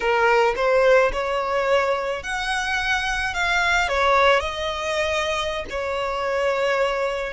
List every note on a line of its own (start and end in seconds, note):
0.00 0.54 A#4
0.56 1.11 C5
1.12 2.23 C#5
2.23 3.34 F#5
3.34 3.88 F5
3.88 4.40 C#5
4.40 5.65 D#5
5.69 7.33 C#5